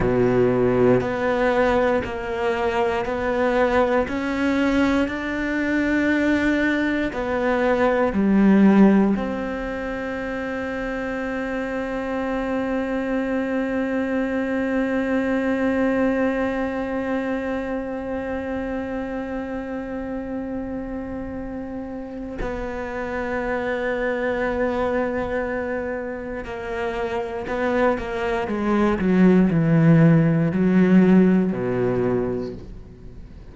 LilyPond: \new Staff \with { instrumentName = "cello" } { \time 4/4 \tempo 4 = 59 b,4 b4 ais4 b4 | cis'4 d'2 b4 | g4 c'2.~ | c'1~ |
c'1~ | c'2 b2~ | b2 ais4 b8 ais8 | gis8 fis8 e4 fis4 b,4 | }